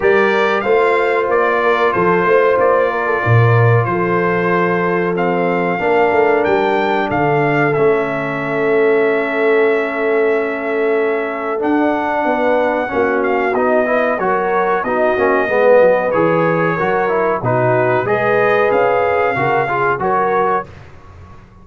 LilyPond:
<<
  \new Staff \with { instrumentName = "trumpet" } { \time 4/4 \tempo 4 = 93 d''4 f''4 d''4 c''4 | d''2 c''2 | f''2 g''4 f''4 | e''1~ |
e''2 fis''2~ | fis''8 f''8 dis''4 cis''4 dis''4~ | dis''4 cis''2 b'4 | dis''4 f''2 cis''4 | }
  \new Staff \with { instrumentName = "horn" } { \time 4/4 ais'4 c''4. ais'8 a'8 c''8~ | c''8 ais'16 a'16 ais'4 a'2~ | a'4 ais'2 a'4~ | a'1~ |
a'2. b'4 | fis'4. b'8 ais'4 fis'4 | b'2 ais'4 fis'4 | b'2 ais'8 gis'8 ais'4 | }
  \new Staff \with { instrumentName = "trombone" } { \time 4/4 g'4 f'2.~ | f'1 | c'4 d'2. | cis'1~ |
cis'2 d'2 | cis'4 dis'8 e'8 fis'4 dis'8 cis'8 | b4 gis'4 fis'8 e'8 dis'4 | gis'2 fis'8 f'8 fis'4 | }
  \new Staff \with { instrumentName = "tuba" } { \time 4/4 g4 a4 ais4 f8 a8 | ais4 ais,4 f2~ | f4 ais8 a8 g4 d4 | a1~ |
a2 d'4 b4 | ais4 b4 fis4 b8 ais8 | gis8 fis8 e4 fis4 b,4 | gis4 cis'4 cis4 fis4 | }
>>